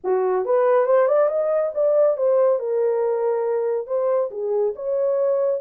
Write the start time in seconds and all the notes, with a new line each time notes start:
0.04 F#4
0.45 B4
0.86 C5
1.07 D5
1.28 D#5
1.74 D5
2.17 C5
2.59 A#4
3.86 C5
4.30 G#4
4.75 C#5